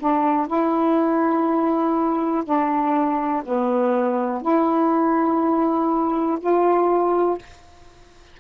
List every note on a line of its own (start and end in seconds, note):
0.00 0.47 D4
0.47 2.44 E4
2.45 3.43 D4
3.46 4.42 B3
4.42 6.39 E4
6.40 7.39 F4